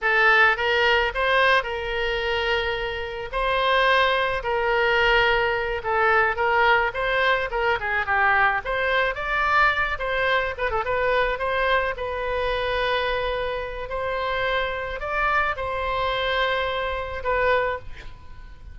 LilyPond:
\new Staff \with { instrumentName = "oboe" } { \time 4/4 \tempo 4 = 108 a'4 ais'4 c''4 ais'4~ | ais'2 c''2 | ais'2~ ais'8 a'4 ais'8~ | ais'8 c''4 ais'8 gis'8 g'4 c''8~ |
c''8 d''4. c''4 b'16 a'16 b'8~ | b'8 c''4 b'2~ b'8~ | b'4 c''2 d''4 | c''2. b'4 | }